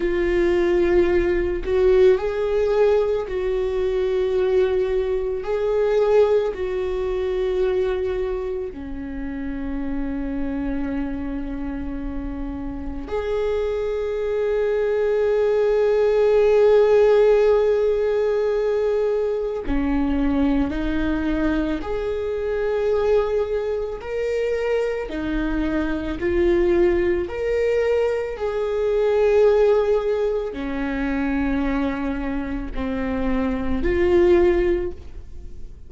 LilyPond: \new Staff \with { instrumentName = "viola" } { \time 4/4 \tempo 4 = 55 f'4. fis'8 gis'4 fis'4~ | fis'4 gis'4 fis'2 | cis'1 | gis'1~ |
gis'2 cis'4 dis'4 | gis'2 ais'4 dis'4 | f'4 ais'4 gis'2 | cis'2 c'4 f'4 | }